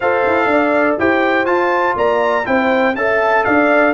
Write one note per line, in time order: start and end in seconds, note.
0.00 0.25 F4
0.00 0.99 A4
0.00 0.48 C5
0.00 0.95 F5
0.26 0.46 E4
0.46 0.95 D4
0.46 0.99 D5
0.99 1.46 E4
0.99 1.46 G4
0.99 1.96 C5
0.99 1.45 G5
1.45 1.95 F4
1.45 2.44 F4
1.45 1.94 A5
1.95 2.45 A#3
1.95 2.45 D5
1.95 2.45 A#5
2.45 2.95 C4
2.45 2.94 E4
2.45 2.96 C5
2.45 2.95 G5
2.95 3.44 C#4
2.95 3.94 A4
2.95 3.45 E5
2.95 3.44 A5
3.44 3.94 D4
3.44 3.94 D5
3.44 3.93 F5